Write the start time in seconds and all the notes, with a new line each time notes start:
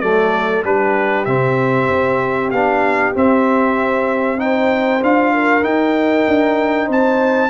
0.00 F#3 A3 A4 D5
0.64 G3 D4 G4 B4
1.25 C3 C4 E5
1.89 C4
2.50 B3 D4 F5
3.14 C4 E5
4.37 D#4 C5 G5
5.02 D4 F4 F5
5.34 A#4
5.62 D#4 G5
6.27 D4
6.86 C4 C5 A5